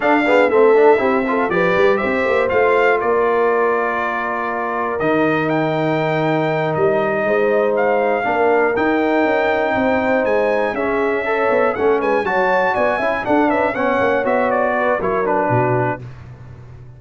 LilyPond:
<<
  \new Staff \with { instrumentName = "trumpet" } { \time 4/4 \tempo 4 = 120 f''4 e''2 d''4 | e''4 f''4 d''2~ | d''2 dis''4 g''4~ | g''4. dis''2 f''8~ |
f''4. g''2~ g''8~ | g''8 gis''4 e''2 fis''8 | gis''8 a''4 gis''4 fis''8 e''8 fis''8~ | fis''8 e''8 d''4 cis''8 b'4. | }
  \new Staff \with { instrumentName = "horn" } { \time 4/4 a'8 gis'8 a'4 g'8 a'8 b'4 | c''2 ais'2~ | ais'1~ | ais'2~ ais'8 c''4.~ |
c''8 ais'2. c''8~ | c''4. gis'4 cis''4 a'8 | b'8 cis''4 d''8 e''8 a'8 b'8 cis''8~ | cis''4. b'8 ais'4 fis'4 | }
  \new Staff \with { instrumentName = "trombone" } { \time 4/4 d'8 b8 c'8 d'8 e'8 f'8 g'4~ | g'4 f'2.~ | f'2 dis'2~ | dis'1~ |
dis'8 d'4 dis'2~ dis'8~ | dis'4. cis'4 a'4 cis'8~ | cis'8 fis'4. e'8 d'4 cis'8~ | cis'8 fis'4. e'8 d'4. | }
  \new Staff \with { instrumentName = "tuba" } { \time 4/4 d'4 a4 c'4 f8 g8 | c'8 ais8 a4 ais2~ | ais2 dis2~ | dis4. g4 gis4.~ |
gis8 ais4 dis'4 cis'4 c'8~ | c'8 gis4 cis'4. b8 a8 | gis8 fis4 b8 cis'8 d'8 cis'8 b8 | ais8 b4. fis4 b,4 | }
>>